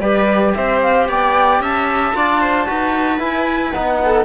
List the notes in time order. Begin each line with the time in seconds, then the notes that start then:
0.00 G3 G4 B4 D5
0.55 C4 C5 E5
0.82 F5
1.09 B3 D5 G5
1.60 C#4 E5 A5
2.14 D4 F4 D5
2.41 C5
2.66 D#4 F#4 B4
3.19 E4 G#5
3.71 B3 D#4 F#5
4.05 A4